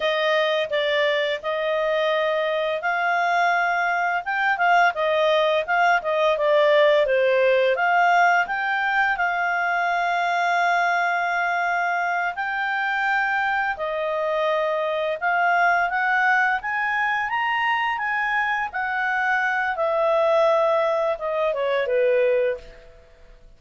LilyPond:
\new Staff \with { instrumentName = "clarinet" } { \time 4/4 \tempo 4 = 85 dis''4 d''4 dis''2 | f''2 g''8 f''8 dis''4 | f''8 dis''8 d''4 c''4 f''4 | g''4 f''2.~ |
f''4. g''2 dis''8~ | dis''4. f''4 fis''4 gis''8~ | gis''8 ais''4 gis''4 fis''4. | e''2 dis''8 cis''8 b'4 | }